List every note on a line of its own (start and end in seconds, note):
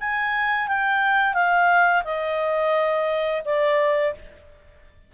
0.00 0.67 G#5
0.67 1.34 G5
1.34 2.03 F5
2.04 3.42 D#5
3.45 4.14 D5